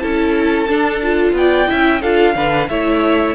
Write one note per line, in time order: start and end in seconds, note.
0.00 0.69 C#4
0.00 0.67 E4
0.00 1.36 A4
0.00 1.33 A5
0.68 1.02 D4
0.68 1.33 D4
1.03 1.67 F4
1.33 1.66 B3
1.33 1.70 D5
1.33 2.02 G5
1.67 2.03 C#4
1.67 2.00 E4
1.67 2.02 E5
2.02 2.35 D4
2.02 2.36 F4
2.02 2.35 A4
2.02 2.69 F5
2.35 2.69 D3
2.35 2.69 D4
2.35 2.70 B4
2.69 3.35 A3
2.69 3.35 E4
2.69 3.35 C#5
2.69 3.35 E5